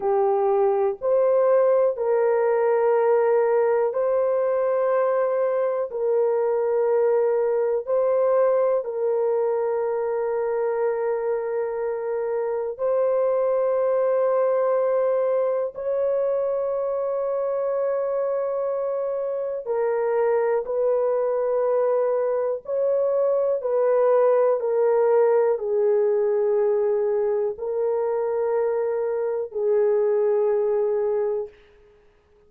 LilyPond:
\new Staff \with { instrumentName = "horn" } { \time 4/4 \tempo 4 = 61 g'4 c''4 ais'2 | c''2 ais'2 | c''4 ais'2.~ | ais'4 c''2. |
cis''1 | ais'4 b'2 cis''4 | b'4 ais'4 gis'2 | ais'2 gis'2 | }